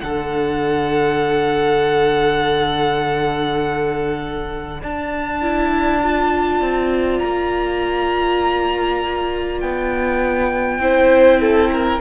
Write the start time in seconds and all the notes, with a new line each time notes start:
0.00 D3 D4 A4 F#5
4.81 D4 D5 A5
5.42 E4
6.04 F4
6.62 C4
7.19 A#3 A#5
9.61 B3 G5
10.79 C4 E4 C5
11.41 A4
11.72 A#4